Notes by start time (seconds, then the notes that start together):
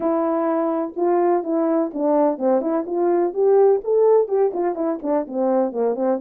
0.00 E4
0.96 F4
1.43 E4
1.93 D4
2.38 C4
2.61 E4
2.86 F4
3.33 G4
3.84 A4
4.28 G4
4.53 F4
4.75 E4
5.02 D4
5.27 C4
5.71 A#3
5.95 C4